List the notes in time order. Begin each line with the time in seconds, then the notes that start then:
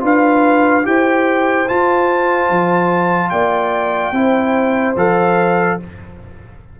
0.00 D4 F4 B4 F5
0.83 E4 G4 C5 G5
1.67 F4 A5
2.49 F3
3.30 A#3 D5 G5
4.12 C4 E4 C5
4.96 F3 A4 F5